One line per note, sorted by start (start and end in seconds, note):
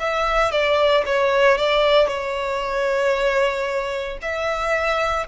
0.00 0.52 E5
0.52 1.04 D5
1.06 1.58 C#5
1.58 2.08 D5
2.08 4.18 C#5
4.22 5.27 E5